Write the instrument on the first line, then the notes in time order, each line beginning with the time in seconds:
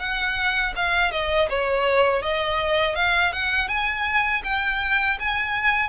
violin
0.00 F#5
0.76 F5
1.12 D#5
1.49 C#5
2.23 D#5
2.96 F5
3.33 F#5
3.69 G#5
4.44 G5
5.20 G#5